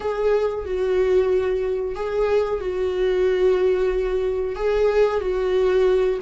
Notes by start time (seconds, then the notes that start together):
0.00 G#4
0.65 F#4
1.95 G#4
2.60 F#4
4.55 G#4
5.21 F#4